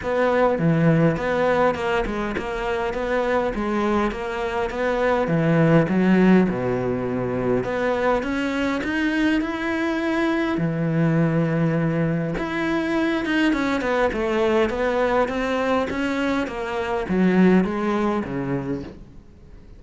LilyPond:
\new Staff \with { instrumentName = "cello" } { \time 4/4 \tempo 4 = 102 b4 e4 b4 ais8 gis8 | ais4 b4 gis4 ais4 | b4 e4 fis4 b,4~ | b,4 b4 cis'4 dis'4 |
e'2 e2~ | e4 e'4. dis'8 cis'8 b8 | a4 b4 c'4 cis'4 | ais4 fis4 gis4 cis4 | }